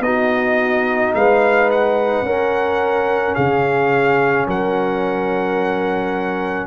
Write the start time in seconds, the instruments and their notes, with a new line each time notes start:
0.00 tuba B3, trombone D#4, horn F#4, trumpet D#5
1.14 tuba G#3, horn B4, trumpet F5
1.70 trumpet F#5
2.22 tuba C#4, trombone C#4, horn A#4
3.35 tuba C#3, horn G#4, trumpet F5
4.47 tuba F#3, horn A#4, trumpet F#5